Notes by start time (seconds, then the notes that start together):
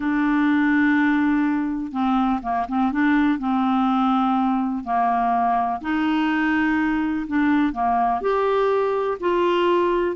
0.00 D4
1.92 C4
2.42 A#3
2.68 C4
2.92 D4
3.38 C4
4.84 A#3
5.81 D#4
7.27 D4
7.73 A#3
8.21 G4
9.20 F4